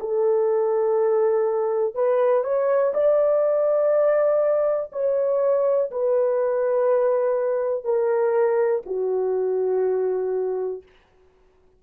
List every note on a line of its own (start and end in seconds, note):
0.00 1.95 A4
1.95 2.44 B4
2.44 2.93 C#5
2.94 4.91 D5
4.92 5.91 C#5
5.92 7.84 B4
7.84 8.83 A#4
8.86 10.83 F#4